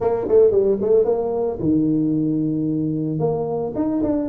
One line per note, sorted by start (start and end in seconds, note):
0.00 0.27 A#3
0.28 0.51 A3
0.51 0.77 G3
0.81 1.04 A3
1.04 1.58 A#3
1.59 3.19 D#3
3.19 3.73 A#3
3.75 4.02 D#4
4.03 4.29 D4